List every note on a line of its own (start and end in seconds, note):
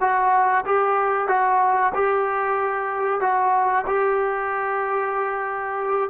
0.00 0.65 F#4
0.65 1.28 G4
1.28 1.92 F#4
1.94 3.20 G4
3.20 3.85 F#4
3.86 6.10 G4